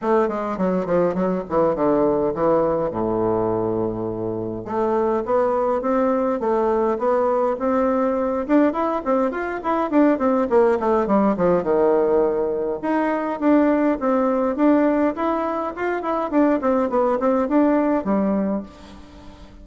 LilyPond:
\new Staff \with { instrumentName = "bassoon" } { \time 4/4 \tempo 4 = 103 a8 gis8 fis8 f8 fis8 e8 d4 | e4 a,2. | a4 b4 c'4 a4 | b4 c'4. d'8 e'8 c'8 |
f'8 e'8 d'8 c'8 ais8 a8 g8 f8 | dis2 dis'4 d'4 | c'4 d'4 e'4 f'8 e'8 | d'8 c'8 b8 c'8 d'4 g4 | }